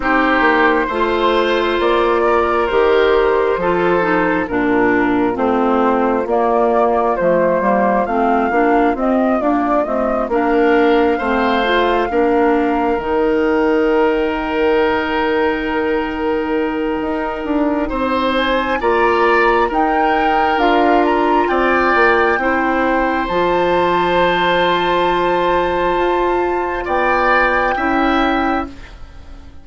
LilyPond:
<<
  \new Staff \with { instrumentName = "flute" } { \time 4/4 \tempo 4 = 67 c''2 d''4 c''4~ | c''4 ais'4 c''4 d''4 | c''4 f''4 dis''8 d''8 dis''8 f''8~ | f''2~ f''8 g''4.~ |
g''1~ | g''8 gis''8 ais''4 g''4 f''8 ais''8 | g''2 a''2~ | a''2 g''2 | }
  \new Staff \with { instrumentName = "oboe" } { \time 4/4 g'4 c''4. ais'4. | a'4 f'2.~ | f'2.~ f'8 ais'8~ | ais'8 c''4 ais'2~ ais'8~ |
ais'1 | c''4 d''4 ais'2 | d''4 c''2.~ | c''2 d''4 e''4 | }
  \new Staff \with { instrumentName = "clarinet" } { \time 4/4 dis'4 f'2 g'4 | f'8 dis'8 d'4 c'4 ais4 | a8 ais8 c'8 d'8 c'8 ais8 a8 d'8~ | d'8 c'8 f'8 d'4 dis'4.~ |
dis'1~ | dis'4 f'4 dis'4 f'4~ | f'4 e'4 f'2~ | f'2. e'4 | }
  \new Staff \with { instrumentName = "bassoon" } { \time 4/4 c'8 ais8 a4 ais4 dis4 | f4 ais,4 a4 ais4 | f8 g8 a8 ais8 c'8 d'8 c'8 ais8~ | ais8 a4 ais4 dis4.~ |
dis2. dis'8 d'8 | c'4 ais4 dis'4 d'4 | c'8 ais8 c'4 f2~ | f4 f'4 b4 cis'4 | }
>>